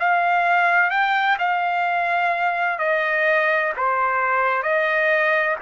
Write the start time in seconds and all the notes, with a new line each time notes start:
0.00 F5
0.91 G5
1.39 F5
2.79 D#5
3.77 C5
4.63 D#5